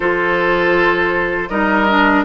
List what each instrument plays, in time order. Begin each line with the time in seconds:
0.00 bassoon F3, clarinet F4, oboe A4, flute C5
1.49 bassoon G3, clarinet D#4, oboe A#4, flute D#5
1.88 clarinet D4